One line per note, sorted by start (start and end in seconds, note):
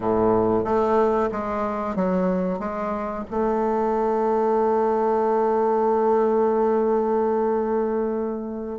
0.00 0.64 A2
0.64 1.29 A3
1.31 1.95 G#3
1.95 2.59 F#3
2.59 3.24 G#3
3.30 8.79 A3